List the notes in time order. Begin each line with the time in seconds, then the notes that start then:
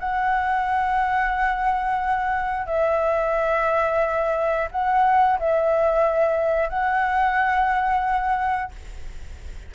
0.00 F#5
2.67 E5
4.72 F#5
5.39 E5
6.70 F#5